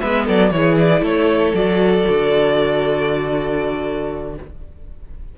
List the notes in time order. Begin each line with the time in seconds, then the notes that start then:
0.00 G#3 B3 B4 E5
0.25 F#3 A4 D5
0.50 E3 E4 G#4 C#5
0.79 D5
1.02 A3 A4 C#5
1.54 F#3 F#4 D5
2.09 D3